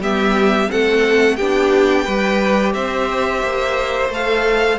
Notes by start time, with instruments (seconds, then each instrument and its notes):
0.00 cello G3, viola B3, violin G4 E5
0.69 cello A3, viola C4, violin A4 F#5
1.37 cello B3, viola D4, violin G4 G5
2.05 cello G3, viola G4, violin B4
2.74 cello C4, violin C5 E5
3.43 cello A#3
4.09 cello A3, viola A4, violin F5